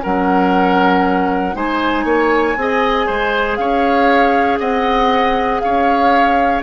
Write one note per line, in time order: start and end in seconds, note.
0.00 1.55 F#3
0.00 1.53 C#4
0.00 1.55 A#4
0.00 1.55 F#5
1.53 2.04 G#3
1.53 2.54 D#4
1.53 2.04 C5
1.53 3.56 G#5
2.04 2.55 A#3
2.04 2.55 C#5
2.56 3.07 C4
2.56 6.62 G#4
2.56 3.06 D#5
3.06 3.58 G#3
3.06 3.57 C5
3.56 4.59 C#4
3.56 4.59 C#5
3.56 4.58 F5
4.59 5.61 C4
4.59 5.61 D#5
4.59 5.60 F#5
5.60 6.62 C#4
5.60 6.62 C#5
5.60 6.61 F5